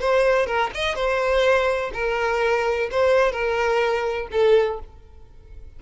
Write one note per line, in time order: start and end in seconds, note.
0.00 0.46 C5
0.46 0.70 A#4
0.74 0.95 D#5
0.95 1.91 C5
1.93 2.89 A#4
2.91 3.32 C5
3.32 4.28 A#4
4.31 4.79 A4